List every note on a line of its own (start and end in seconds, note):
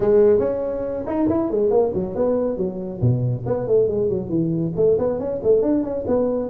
0.00 0.39 G#3
0.39 1.03 C#4
1.06 1.28 D#4
1.28 1.50 E4
1.50 1.70 G#3
1.70 1.92 A#3
1.93 2.15 F#3
2.15 2.57 B3
2.57 3.00 F#3
3.01 3.44 B2
3.46 3.67 B3
3.67 3.88 A3
3.88 4.09 G#3
4.09 4.29 F#3
4.29 4.72 E3
4.76 4.97 A3
4.98 5.19 B3
5.19 5.40 C#4
5.43 5.62 A3
5.62 5.83 D4
5.83 6.04 C#4
6.07 6.49 B3